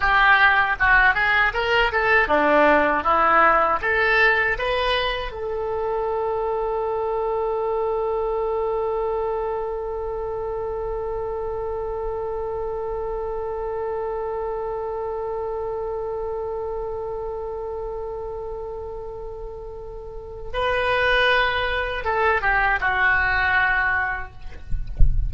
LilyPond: \new Staff \with { instrumentName = "oboe" } { \time 4/4 \tempo 4 = 79 g'4 fis'8 gis'8 ais'8 a'8 d'4 | e'4 a'4 b'4 a'4~ | a'1~ | a'1~ |
a'1~ | a'1~ | a'2. b'4~ | b'4 a'8 g'8 fis'2 | }